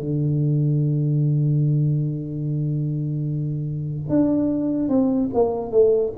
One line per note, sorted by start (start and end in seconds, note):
0.00 4.09 D3
4.09 4.89 D4
4.89 5.30 C4
5.34 5.72 A#3
5.72 6.13 A3